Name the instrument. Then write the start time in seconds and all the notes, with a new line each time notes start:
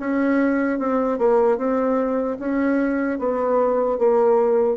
bassoon
0.00 C#4
0.79 C4
1.19 A#3
1.58 C4
2.40 C#4
3.19 B3
3.99 A#3